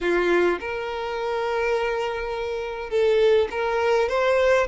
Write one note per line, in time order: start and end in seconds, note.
0.00 0.59 F4
0.60 2.90 A#4
2.90 3.48 A4
3.50 4.09 A#4
4.09 4.67 C5